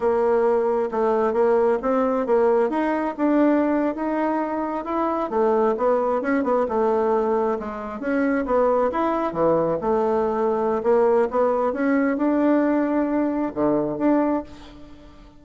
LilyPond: \new Staff \with { instrumentName = "bassoon" } { \time 4/4 \tempo 4 = 133 ais2 a4 ais4 | c'4 ais4 dis'4 d'4~ | d'8. dis'2 e'4 a16~ | a8. b4 cis'8 b8 a4~ a16~ |
a8. gis4 cis'4 b4 e'16~ | e'8. e4 a2~ a16 | ais4 b4 cis'4 d'4~ | d'2 d4 d'4 | }